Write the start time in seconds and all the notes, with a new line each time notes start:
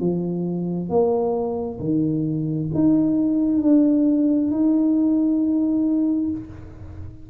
0.00 F3
0.90 A#3
1.80 D#3
2.74 D#4
3.62 D4
4.51 D#4